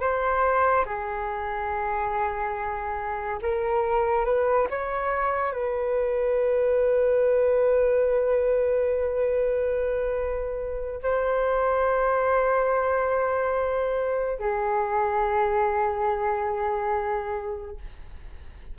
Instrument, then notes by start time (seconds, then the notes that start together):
flute
0.00 C5
0.85 G#4
3.42 A#4
4.25 B4
4.70 C#5
5.52 B4
11.02 C5
14.39 G#4